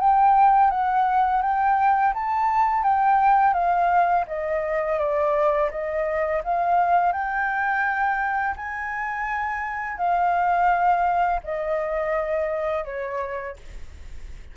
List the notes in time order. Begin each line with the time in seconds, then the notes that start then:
0.00 G5
0.70 F#5
1.42 G5
2.14 A5
2.83 G5
3.54 F5
4.27 D#5
4.99 D5
5.71 D#5
6.44 F5
7.13 G5
8.56 G#5
9.98 F5
11.44 D#5
12.85 C#5